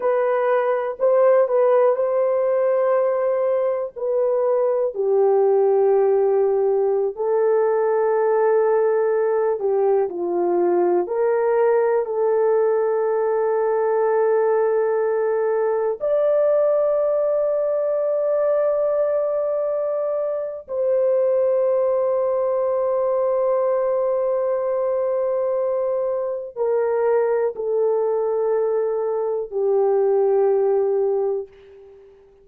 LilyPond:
\new Staff \with { instrumentName = "horn" } { \time 4/4 \tempo 4 = 61 b'4 c''8 b'8 c''2 | b'4 g'2~ g'16 a'8.~ | a'4.~ a'16 g'8 f'4 ais'8.~ | ais'16 a'2.~ a'8.~ |
a'16 d''2.~ d''8.~ | d''4 c''2.~ | c''2. ais'4 | a'2 g'2 | }